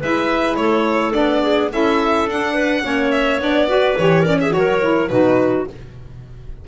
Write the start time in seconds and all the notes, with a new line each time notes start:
0.00 G#3 E4 B4 E5
0.56 A3 A4 C#5
1.12 B3 D4 D5
1.42 G#4
1.71 C#4 E4 A4 E5
2.26 D4 F#5
2.54 B4
2.83 A#3 C#4 C#5
3.11 E5
3.40 B3 D4 D5
3.68 F#4 B4
3.98 E3 G4 C#5
4.21 C#4 A#4 D5
4.41 G#4 E5
4.50 F#3 F#4 C#5
4.57 A#4
4.81 E4
5.08 B2 D#4 F#4 B4